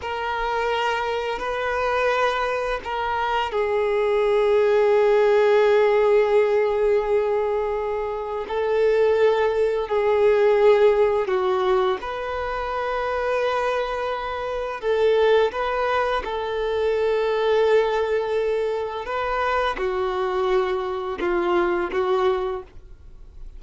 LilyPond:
\new Staff \with { instrumentName = "violin" } { \time 4/4 \tempo 4 = 85 ais'2 b'2 | ais'4 gis'2.~ | gis'1 | a'2 gis'2 |
fis'4 b'2.~ | b'4 a'4 b'4 a'4~ | a'2. b'4 | fis'2 f'4 fis'4 | }